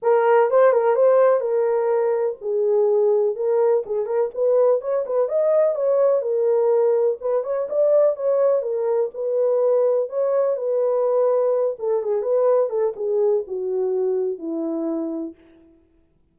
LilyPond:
\new Staff \with { instrumentName = "horn" } { \time 4/4 \tempo 4 = 125 ais'4 c''8 ais'8 c''4 ais'4~ | ais'4 gis'2 ais'4 | gis'8 ais'8 b'4 cis''8 b'8 dis''4 | cis''4 ais'2 b'8 cis''8 |
d''4 cis''4 ais'4 b'4~ | b'4 cis''4 b'2~ | b'8 a'8 gis'8 b'4 a'8 gis'4 | fis'2 e'2 | }